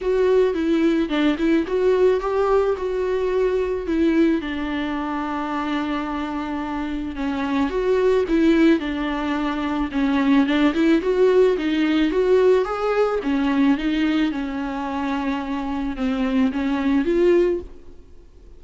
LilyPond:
\new Staff \with { instrumentName = "viola" } { \time 4/4 \tempo 4 = 109 fis'4 e'4 d'8 e'8 fis'4 | g'4 fis'2 e'4 | d'1~ | d'4 cis'4 fis'4 e'4 |
d'2 cis'4 d'8 e'8 | fis'4 dis'4 fis'4 gis'4 | cis'4 dis'4 cis'2~ | cis'4 c'4 cis'4 f'4 | }